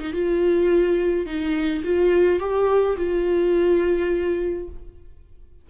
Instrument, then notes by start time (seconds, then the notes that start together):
viola
0.00 D#4
0.13 F4
1.26 D#4
1.84 F4
2.40 G4
2.97 F4